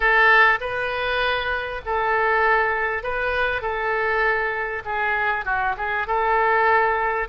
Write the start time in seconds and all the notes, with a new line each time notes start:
0.00 A4
0.60 B4
1.85 A4
3.03 B4
3.61 A4
4.84 G#4
5.45 F#4
5.77 G#4
6.07 A4